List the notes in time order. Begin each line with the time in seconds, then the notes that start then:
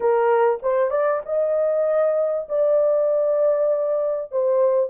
0.00 A#4
0.62 C5
0.90 D5
1.25 D#5
2.48 D5
4.31 C5